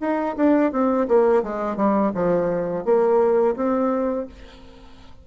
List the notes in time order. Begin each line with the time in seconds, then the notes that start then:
0.00 D#4
0.36 D4
0.72 C4
1.07 A#3
1.42 G#3
1.76 G3
2.14 F3
2.84 A#3
3.56 C4